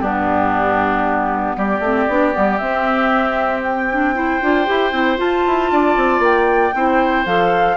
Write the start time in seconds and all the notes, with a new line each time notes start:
0.00 G2 B3 D4 G4
1.57 G3 G4 D5
1.79 A3 C4
2.08 B3 D4
2.32 G3 B3
2.57 C4 E5
3.63 G5
3.91 D4
4.14 E4 C5
4.41 D4 F4
4.66 E4 G4
4.92 C4 E4
5.17 F4 A5
5.47 E4
5.71 D4 D5
5.96 C4
6.19 A#3 G5
6.75 C4 E4 C5
7.25 F3 A4 F5